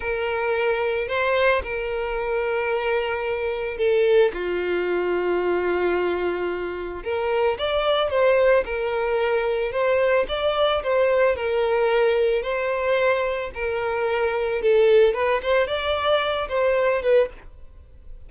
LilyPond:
\new Staff \with { instrumentName = "violin" } { \time 4/4 \tempo 4 = 111 ais'2 c''4 ais'4~ | ais'2. a'4 | f'1~ | f'4 ais'4 d''4 c''4 |
ais'2 c''4 d''4 | c''4 ais'2 c''4~ | c''4 ais'2 a'4 | b'8 c''8 d''4. c''4 b'8 | }